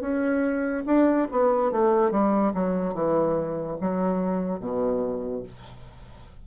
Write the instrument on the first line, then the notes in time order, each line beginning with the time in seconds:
bassoon
0.00 C#4
0.86 D4
1.31 B3
1.71 A3
2.11 G3
2.53 F#3
2.94 E3
3.80 F#3
4.59 B2